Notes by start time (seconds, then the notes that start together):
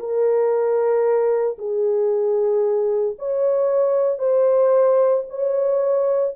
0.00 A#4
1.58 G#4
3.19 C#5
4.19 C5
5.30 C#5